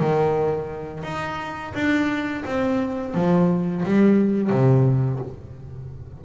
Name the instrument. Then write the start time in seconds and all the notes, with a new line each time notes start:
double bass
0.00 D#3
1.04 D#4
1.74 D4
2.46 C4
3.15 F3
3.86 G3
4.50 C3